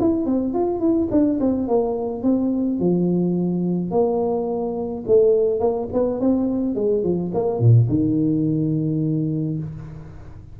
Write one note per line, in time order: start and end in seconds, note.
0.00 0.26 E4
0.26 0.54 C4
0.54 0.80 F4
0.80 1.08 E4
1.11 1.40 D4
1.40 1.68 C4
1.68 2.23 A#3
2.23 2.79 C4
2.79 3.91 F3
3.91 5.05 A#3
5.07 5.60 A3
5.60 5.88 A#3
5.93 6.20 B3
6.20 6.75 C4
6.75 7.03 G#3
7.03 7.32 F3
7.34 7.60 A#3
7.60 7.88 A#2
7.89 9.59 D#3